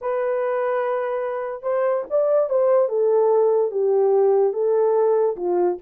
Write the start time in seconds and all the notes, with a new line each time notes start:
0.01 B4
1.62 C5
2.10 D5
2.49 C5
2.89 A4
3.71 G4
4.53 A4
5.36 F4